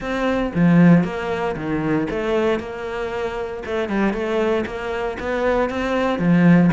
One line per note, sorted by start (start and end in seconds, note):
0.00 0.52 C4
0.54 1.03 F3
1.03 1.55 A#3
1.56 2.07 D#3
2.10 2.59 A3
2.59 3.63 A#3
3.65 3.88 A3
3.88 4.13 G3
4.13 4.64 A3
4.66 5.17 A#3
5.19 5.69 B3
5.69 6.18 C4
6.18 6.70 F3